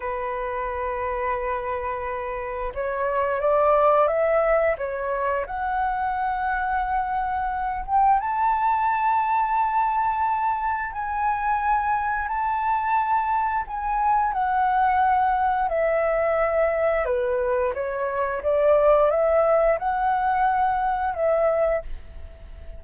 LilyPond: \new Staff \with { instrumentName = "flute" } { \time 4/4 \tempo 4 = 88 b'1 | cis''4 d''4 e''4 cis''4 | fis''2.~ fis''8 g''8 | a''1 |
gis''2 a''2 | gis''4 fis''2 e''4~ | e''4 b'4 cis''4 d''4 | e''4 fis''2 e''4 | }